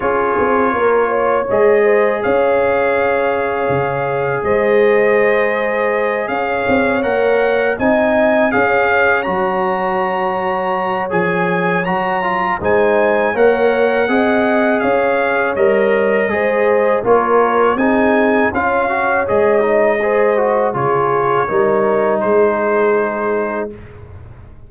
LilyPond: <<
  \new Staff \with { instrumentName = "trumpet" } { \time 4/4 \tempo 4 = 81 cis''2 dis''4 f''4~ | f''2 dis''2~ | dis''8 f''4 fis''4 gis''4 f''8~ | f''8 ais''2~ ais''8 gis''4 |
ais''4 gis''4 fis''2 | f''4 dis''2 cis''4 | gis''4 f''4 dis''2 | cis''2 c''2 | }
  \new Staff \with { instrumentName = "horn" } { \time 4/4 gis'4 ais'8 cis''4 c''8 cis''4~ | cis''2 c''2~ | c''8 cis''2 dis''4 cis''8~ | cis''1~ |
cis''4 c''4 cis''4 dis''4 | cis''2 c''4 ais'4 | gis'4 cis''2 c''4 | gis'4 ais'4 gis'2 | }
  \new Staff \with { instrumentName = "trombone" } { \time 4/4 f'2 gis'2~ | gis'1~ | gis'4. ais'4 dis'4 gis'8~ | gis'8 fis'2~ fis'8 gis'4 |
fis'8 f'8 dis'4 ais'4 gis'4~ | gis'4 ais'4 gis'4 f'4 | dis'4 f'8 fis'8 gis'8 dis'8 gis'8 fis'8 | f'4 dis'2. | }
  \new Staff \with { instrumentName = "tuba" } { \time 4/4 cis'8 c'8 ais4 gis4 cis'4~ | cis'4 cis4 gis2~ | gis8 cis'8 c'8 ais4 c'4 cis'8~ | cis'8 fis2~ fis8 f4 |
fis4 gis4 ais4 c'4 | cis'4 g4 gis4 ais4 | c'4 cis'4 gis2 | cis4 g4 gis2 | }
>>